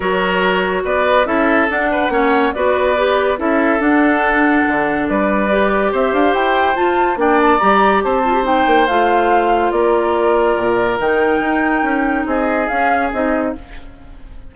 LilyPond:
<<
  \new Staff \with { instrumentName = "flute" } { \time 4/4 \tempo 4 = 142 cis''2 d''4 e''4 | fis''2 d''2 | e''4 fis''2. | d''2 e''8 f''8 g''4 |
a''4 g''8 a''8 ais''4 a''4 | g''4 f''2 d''4~ | d''2 g''2~ | g''4 dis''4 f''4 dis''4 | }
  \new Staff \with { instrumentName = "oboe" } { \time 4/4 ais'2 b'4 a'4~ | a'8 b'8 cis''4 b'2 | a'1 | b'2 c''2~ |
c''4 d''2 c''4~ | c''2. ais'4~ | ais'1~ | ais'4 gis'2. | }
  \new Staff \with { instrumentName = "clarinet" } { \time 4/4 fis'2. e'4 | d'4 cis'4 fis'4 g'4 | e'4 d'2.~ | d'4 g'2. |
f'4 d'4 g'4. f'16 g'16 | dis'4 f'2.~ | f'2 dis'2~ | dis'2 cis'4 dis'4 | }
  \new Staff \with { instrumentName = "bassoon" } { \time 4/4 fis2 b4 cis'4 | d'4 ais4 b2 | cis'4 d'2 d4 | g2 c'8 d'8 e'4 |
f'4 ais4 g4 c'4~ | c'8 ais8 a2 ais4~ | ais4 ais,4 dis4 dis'4 | cis'4 c'4 cis'4 c'4 | }
>>